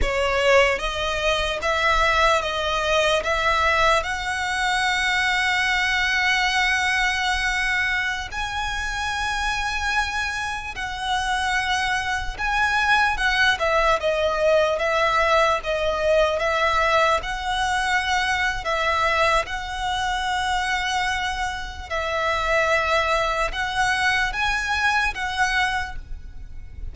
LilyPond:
\new Staff \with { instrumentName = "violin" } { \time 4/4 \tempo 4 = 74 cis''4 dis''4 e''4 dis''4 | e''4 fis''2.~ | fis''2~ fis''16 gis''4.~ gis''16~ | gis''4~ gis''16 fis''2 gis''8.~ |
gis''16 fis''8 e''8 dis''4 e''4 dis''8.~ | dis''16 e''4 fis''4.~ fis''16 e''4 | fis''2. e''4~ | e''4 fis''4 gis''4 fis''4 | }